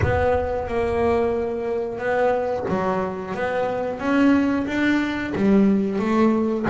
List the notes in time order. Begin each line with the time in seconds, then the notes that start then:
0.02 B3
0.67 A#3
1.98 B3
2.68 F#3
3.34 B3
3.99 C#4
4.67 D4
5.35 G3
5.99 A3